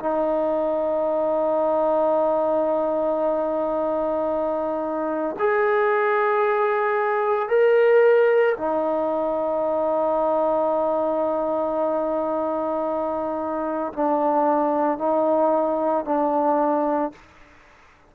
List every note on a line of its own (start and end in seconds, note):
0.00 5.36 D#4
5.40 7.49 G#4
7.49 8.56 A#4
8.57 13.93 D#4
13.93 14.99 D4
14.99 16.05 D#4
16.05 17.12 D4